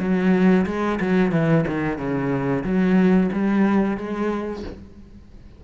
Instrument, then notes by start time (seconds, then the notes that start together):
cello
0.00 F#3
0.67 G#3
1.01 F#3
1.32 E3
1.68 D#3
1.98 C#3
2.65 F#3
3.33 G3
3.98 G#3